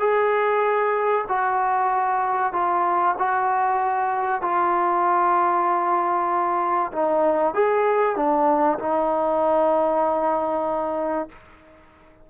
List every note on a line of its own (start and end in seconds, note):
0.00 1.25 G#4
1.29 2.53 F#4
2.53 3.16 F4
3.19 4.42 F#4
4.42 6.92 F4
6.93 7.54 D#4
7.54 8.16 G#4
8.16 8.79 D4
8.79 11.29 D#4